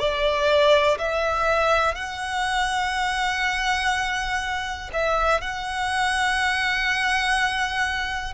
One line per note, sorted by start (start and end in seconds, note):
0.00 0.98 D5
0.99 1.95 E5
1.95 4.90 F#5
4.94 5.41 E5
5.41 8.34 F#5